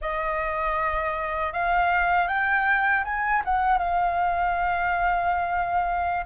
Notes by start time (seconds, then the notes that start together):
0.01 D#5
1.52 F5
2.28 G5
3.04 G#5
3.45 F#5
3.78 F5